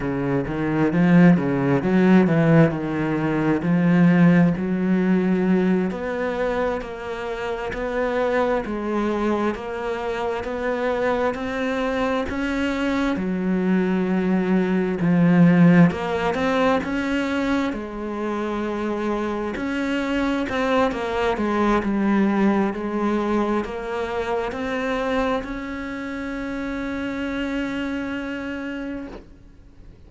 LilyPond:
\new Staff \with { instrumentName = "cello" } { \time 4/4 \tempo 4 = 66 cis8 dis8 f8 cis8 fis8 e8 dis4 | f4 fis4. b4 ais8~ | ais8 b4 gis4 ais4 b8~ | b8 c'4 cis'4 fis4.~ |
fis8 f4 ais8 c'8 cis'4 gis8~ | gis4. cis'4 c'8 ais8 gis8 | g4 gis4 ais4 c'4 | cis'1 | }